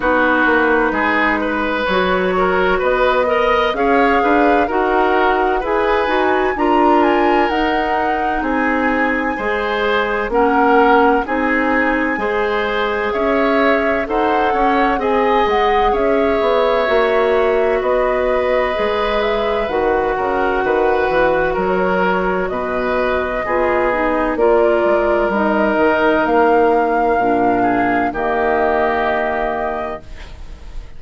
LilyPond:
<<
  \new Staff \with { instrumentName = "flute" } { \time 4/4 \tempo 4 = 64 b'2 cis''4 dis''4 | f''4 fis''4 gis''4 ais''8 gis''8 | fis''4 gis''2 fis''4 | gis''2 e''4 fis''4 |
gis''8 fis''8 e''2 dis''4~ | dis''8 e''8 fis''2 cis''4 | dis''2 d''4 dis''4 | f''2 dis''2 | }
  \new Staff \with { instrumentName = "oboe" } { \time 4/4 fis'4 gis'8 b'4 ais'8 b'8 dis''8 | cis''8 b'8 ais'4 b'4 ais'4~ | ais'4 gis'4 c''4 ais'4 | gis'4 c''4 cis''4 c''8 cis''8 |
dis''4 cis''2 b'4~ | b'4. ais'8 b'4 ais'4 | b'4 gis'4 ais'2~ | ais'4. gis'8 g'2 | }
  \new Staff \with { instrumentName = "clarinet" } { \time 4/4 dis'2 fis'4. ais'8 | gis'4 fis'4 gis'8 fis'8 f'4 | dis'2 gis'4 cis'4 | dis'4 gis'2 a'4 |
gis'2 fis'2 | gis'4 fis'2.~ | fis'4 f'8 dis'8 f'4 dis'4~ | dis'4 d'4 ais2 | }
  \new Staff \with { instrumentName = "bassoon" } { \time 4/4 b8 ais8 gis4 fis4 b4 | cis'8 d'8 dis'4 e'8 dis'8 d'4 | dis'4 c'4 gis4 ais4 | c'4 gis4 cis'4 dis'8 cis'8 |
c'8 gis8 cis'8 b8 ais4 b4 | gis4 dis8 cis8 dis8 e8 fis4 | b,4 b4 ais8 gis8 g8 dis8 | ais4 ais,4 dis2 | }
>>